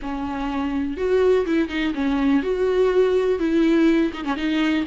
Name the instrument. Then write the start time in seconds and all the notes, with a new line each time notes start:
viola
0.02 C#4
0.97 F#4
1.45 E4
1.68 D#4
1.94 C#4
2.43 F#4
3.39 E4
4.13 D#4
4.24 C#4
4.36 D#4